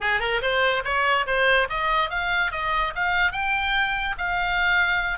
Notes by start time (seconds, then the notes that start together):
0.01 G#4
0.20 A#4
0.41 C5
0.84 C#5
1.26 C5
1.69 D#5
2.09 F5
2.51 D#5
2.95 F5
3.32 G5
4.18 F5